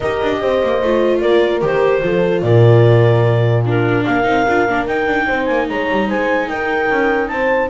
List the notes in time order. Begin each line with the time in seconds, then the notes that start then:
0.00 D#4 G4 A#4 D#5
0.22 D4
0.41 C4 C5
0.62 A#3
0.82 A3 F4
1.20 A#3 A#4 D5
1.61 D#3 G4 C5
2.00 F3 F4 A4
2.42 A#2 A#4 D5
3.63 D4 F4 A#4
4.04 A#3 A#4 F5
4.23 C4 D#4
4.47 D4 F4
4.68 A#3 D4
4.86 D#4 G5
5.06 D4
5.26 C4 C5
5.45 A#3 G#5
5.68 G#3 C#5 A#5
5.90 G3
6.07 G#3 C5 G#5
6.48 D#4 A#4 G5
6.89 C#4
7.28 C4 C5 A5